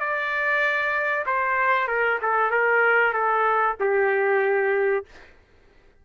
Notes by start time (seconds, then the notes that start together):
0.00 D5
1.26 C5
1.88 A#4
2.22 A4
2.51 A#4
3.13 A4
3.80 G4